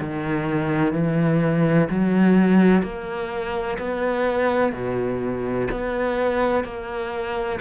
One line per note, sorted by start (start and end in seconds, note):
0.00 0.94 D#3
0.94 1.89 E3
1.90 2.83 F#3
2.83 3.78 A#3
3.78 4.73 B3
4.73 5.68 B2
5.71 6.64 B3
6.64 7.59 A#3